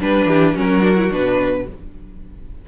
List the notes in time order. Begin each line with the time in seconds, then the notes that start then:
0.00 G3 D4 B4
0.26 E3 G4
0.54 F#3 C#4 F#4 A#4
0.81 D4
0.96 E4
1.10 B2 D4 B4